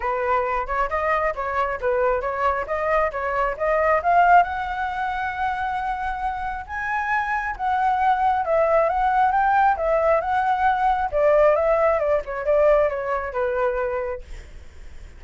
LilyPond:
\new Staff \with { instrumentName = "flute" } { \time 4/4 \tempo 4 = 135 b'4. cis''8 dis''4 cis''4 | b'4 cis''4 dis''4 cis''4 | dis''4 f''4 fis''2~ | fis''2. gis''4~ |
gis''4 fis''2 e''4 | fis''4 g''4 e''4 fis''4~ | fis''4 d''4 e''4 d''8 cis''8 | d''4 cis''4 b'2 | }